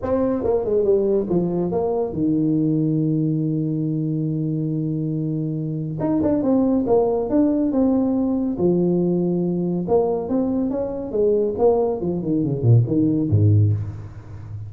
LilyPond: \new Staff \with { instrumentName = "tuba" } { \time 4/4 \tempo 4 = 140 c'4 ais8 gis8 g4 f4 | ais4 dis2.~ | dis1~ | dis2 dis'8 d'8 c'4 |
ais4 d'4 c'2 | f2. ais4 | c'4 cis'4 gis4 ais4 | f8 dis8 cis8 ais,8 dis4 gis,4 | }